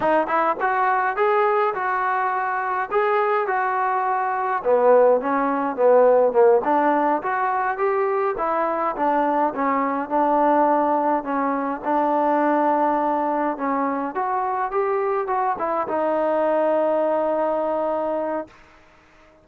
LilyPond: \new Staff \with { instrumentName = "trombone" } { \time 4/4 \tempo 4 = 104 dis'8 e'8 fis'4 gis'4 fis'4~ | fis'4 gis'4 fis'2 | b4 cis'4 b4 ais8 d'8~ | d'8 fis'4 g'4 e'4 d'8~ |
d'8 cis'4 d'2 cis'8~ | cis'8 d'2. cis'8~ | cis'8 fis'4 g'4 fis'8 e'8 dis'8~ | dis'1 | }